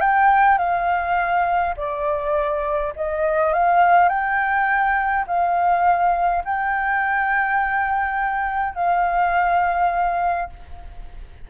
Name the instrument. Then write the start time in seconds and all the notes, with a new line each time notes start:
flute
0.00 G5
0.58 F5
1.76 D5
2.96 D#5
3.53 F5
4.09 G5
5.27 F5
6.44 G5
8.74 F5